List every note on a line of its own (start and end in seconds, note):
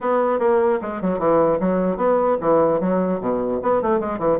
0.01 0.39 B3
0.39 0.79 A#3
0.81 1.01 G#3
1.01 1.18 F#3
1.18 1.58 E3
1.60 1.96 F#3
1.96 2.36 B3
2.40 2.80 E3
2.80 3.20 F#3
3.20 3.60 B2
3.62 3.82 B3
3.82 3.99 A3
3.99 4.19 G#3
4.19 4.39 E3